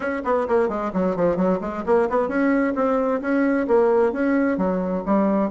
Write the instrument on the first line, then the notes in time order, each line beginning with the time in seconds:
bassoon
0.00 C#4
0.24 B3
0.47 A#3
0.68 G#3
0.93 F#3
1.16 F3
1.36 F#3
1.60 G#3
1.85 A#3
2.09 B3
2.28 C#4
2.75 C4
3.21 C#4
3.67 A#3
4.12 C#4
4.57 F#3
5.05 G3